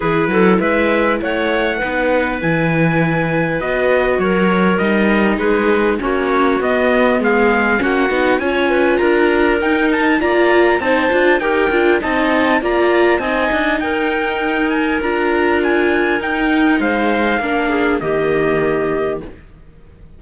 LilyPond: <<
  \new Staff \with { instrumentName = "trumpet" } { \time 4/4 \tempo 4 = 100 b'4 e''4 fis''2 | gis''2 dis''4 cis''4 | dis''4 b'4 cis''4 dis''4 | f''4 fis''4 gis''4 ais''4 |
g''8 a''8 ais''4 a''4 g''4 | a''4 ais''4 gis''4 g''4~ | g''8 gis''8 ais''4 gis''4 g''4 | f''2 dis''2 | }
  \new Staff \with { instrumentName = "clarinet" } { \time 4/4 gis'8 a'8 b'4 cis''4 b'4~ | b'2. ais'4~ | ais'4 gis'4 fis'2 | gis'4 fis'4 cis''8 b'8 ais'4~ |
ais'4 d''4 c''4 ais'4 | dis''4 d''4 dis''4 ais'4~ | ais'1 | c''4 ais'8 gis'8 g'2 | }
  \new Staff \with { instrumentName = "viola" } { \time 4/4 e'2. dis'4 | e'2 fis'2 | dis'2 cis'4 b4~ | b4 cis'8 dis'8 f'2 |
dis'4 f'4 dis'8 f'8 g'8 f'8 | dis'4 f'4 dis'2~ | dis'4 f'2 dis'4~ | dis'4 d'4 ais2 | }
  \new Staff \with { instrumentName = "cello" } { \time 4/4 e8 fis8 gis4 a4 b4 | e2 b4 fis4 | g4 gis4 ais4 b4 | gis4 ais8 b8 cis'4 d'4 |
dis'4 ais4 c'8 d'8 dis'8 d'8 | c'4 ais4 c'8 d'8 dis'4~ | dis'4 d'2 dis'4 | gis4 ais4 dis2 | }
>>